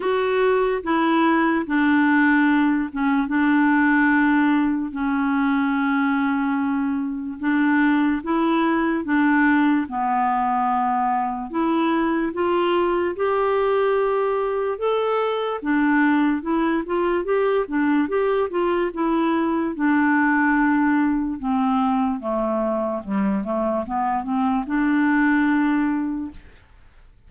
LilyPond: \new Staff \with { instrumentName = "clarinet" } { \time 4/4 \tempo 4 = 73 fis'4 e'4 d'4. cis'8 | d'2 cis'2~ | cis'4 d'4 e'4 d'4 | b2 e'4 f'4 |
g'2 a'4 d'4 | e'8 f'8 g'8 d'8 g'8 f'8 e'4 | d'2 c'4 a4 | g8 a8 b8 c'8 d'2 | }